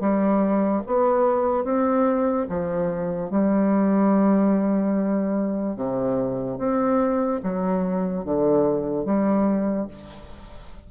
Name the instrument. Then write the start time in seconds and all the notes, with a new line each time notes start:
bassoon
0.00 G3
0.87 B3
1.64 C4
2.49 F3
3.30 G3
5.76 C3
6.58 C4
7.43 F#3
8.25 D3
9.05 G3